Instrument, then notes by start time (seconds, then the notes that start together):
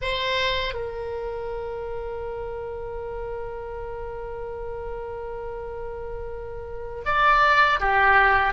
oboe
0.01 C5
0.73 A#4
7.05 D5
7.79 G4